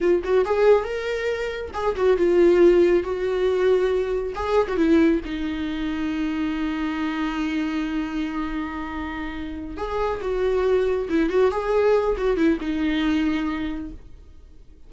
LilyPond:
\new Staff \with { instrumentName = "viola" } { \time 4/4 \tempo 4 = 138 f'8 fis'8 gis'4 ais'2 | gis'8 fis'8 f'2 fis'4~ | fis'2 gis'8. fis'16 e'4 | dis'1~ |
dis'1~ | dis'2~ dis'8 gis'4 fis'8~ | fis'4. e'8 fis'8 gis'4. | fis'8 e'8 dis'2. | }